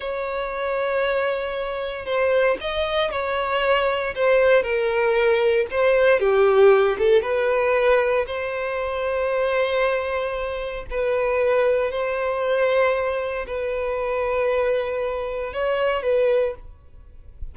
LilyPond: \new Staff \with { instrumentName = "violin" } { \time 4/4 \tempo 4 = 116 cis''1 | c''4 dis''4 cis''2 | c''4 ais'2 c''4 | g'4. a'8 b'2 |
c''1~ | c''4 b'2 c''4~ | c''2 b'2~ | b'2 cis''4 b'4 | }